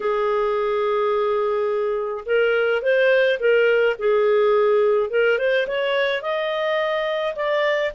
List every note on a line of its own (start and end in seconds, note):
0.00 2.24 G#4
2.25 2.81 A#4
2.81 3.38 C5
3.39 3.96 A#4
3.99 5.09 G#4
5.09 5.38 A#4
5.38 5.66 C5
5.67 6.22 C#5
6.22 7.35 D#5
7.35 7.92 D5